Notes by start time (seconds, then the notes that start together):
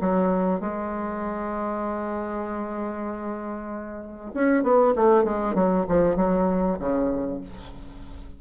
0.00 F#3
0.60 G#3
4.34 C#4
4.63 B3
4.95 A3
5.24 G#3
5.54 F#3
5.88 F3
6.16 F#3
6.79 C#3